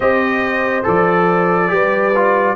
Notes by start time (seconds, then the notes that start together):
0.00 C4 G4 C5 D#5
0.83 F3 A4 D5
1.68 G3 G4 B4
2.15 F4